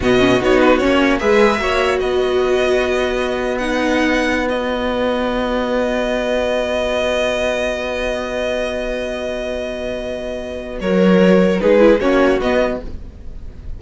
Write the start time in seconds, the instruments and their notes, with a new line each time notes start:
0.00 cello B2, viola B3, violin F#4 D#5
0.19 viola C#4
0.40 cello B3, viola D#4, violin C#5
0.59 violin B4
0.77 viola C#4, violin C#5
0.85 cello A#3
1.19 cello G#3, viola G#4, violin B4 E5
1.59 cello A#3, viola F#4, violin C#5
1.99 cello B3, violin B4 D#5
3.58 viola D#4, violin F#5
4.48 viola F#4, violin D#5
10.81 cello F#3, violin A#4 C#5
11.60 cello G#3, viola D#4, violin G#4 B4
11.78 viola E4
11.99 cello A#3, viola C#4, violin F#4 C#5
12.39 cello B3, viola B3, violin D#5